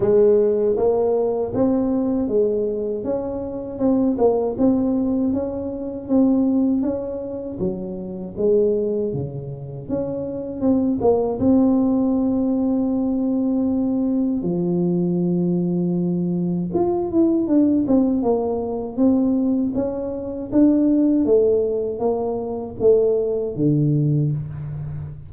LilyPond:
\new Staff \with { instrumentName = "tuba" } { \time 4/4 \tempo 4 = 79 gis4 ais4 c'4 gis4 | cis'4 c'8 ais8 c'4 cis'4 | c'4 cis'4 fis4 gis4 | cis4 cis'4 c'8 ais8 c'4~ |
c'2. f4~ | f2 f'8 e'8 d'8 c'8 | ais4 c'4 cis'4 d'4 | a4 ais4 a4 d4 | }